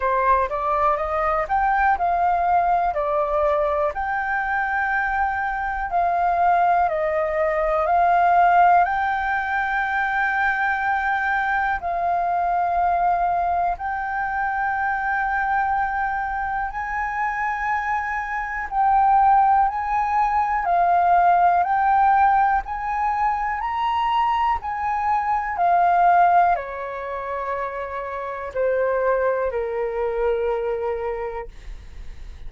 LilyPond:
\new Staff \with { instrumentName = "flute" } { \time 4/4 \tempo 4 = 61 c''8 d''8 dis''8 g''8 f''4 d''4 | g''2 f''4 dis''4 | f''4 g''2. | f''2 g''2~ |
g''4 gis''2 g''4 | gis''4 f''4 g''4 gis''4 | ais''4 gis''4 f''4 cis''4~ | cis''4 c''4 ais'2 | }